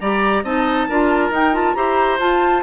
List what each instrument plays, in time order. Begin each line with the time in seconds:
0.00 bassoon G3, clarinet G4, oboe D5, flute A#5
0.43 bassoon C4, clarinet D#4, oboe D#5, flute A5
0.89 bassoon D4, clarinet F4, oboe A#4
1.30 bassoon D#4, clarinet D#4, flute G5
1.53 clarinet F4, flute A5
1.74 bassoon E4, clarinet G4, oboe C5, flute A#5
2.19 bassoon F4, clarinet F4, flute A5